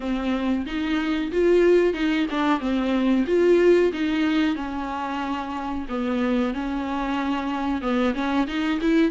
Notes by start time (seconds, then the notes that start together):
0.00 C4
0.66 D#4
1.31 F4
1.93 D#4
2.30 D4
2.60 C4
3.26 F4
3.92 D#4
4.55 C#4
5.88 B3
6.54 C#4
7.81 B3
8.14 C#4
8.47 D#4
8.81 E4